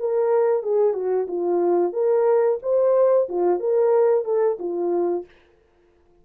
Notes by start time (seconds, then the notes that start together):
0.00 A#4
0.63 G#4
0.94 F#4
1.28 F4
1.93 A#4
2.63 C5
3.29 F4
3.60 A#4
4.25 A4
4.60 F4